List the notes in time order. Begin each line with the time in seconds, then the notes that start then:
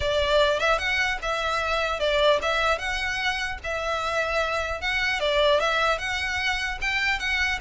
0.00 D5
0.59 E5
0.78 F#5
1.22 E5
1.99 D5
2.42 E5
2.78 F#5
3.63 E5
4.81 F#5
5.19 D5
5.59 E5
5.98 F#5
6.81 G5
7.19 F#5